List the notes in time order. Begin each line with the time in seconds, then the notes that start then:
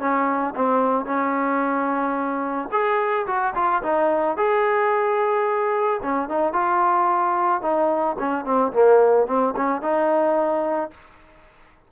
0.00 C#4
0.56 C4
1.05 C#4
2.72 G#4
3.27 F#4
3.55 F4
3.83 D#4
4.37 G#4
6.03 C#4
6.29 D#4
6.53 F4
7.62 D#4
8.19 C#4
8.45 C4
8.73 A#3
9.27 C4
9.56 C#4
9.82 D#4